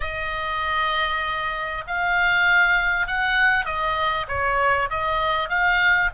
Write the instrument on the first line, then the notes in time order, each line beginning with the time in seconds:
oboe
0.00 D#5
1.87 F5
3.07 F#5
3.65 D#5
4.27 C#5
4.90 D#5
5.49 F5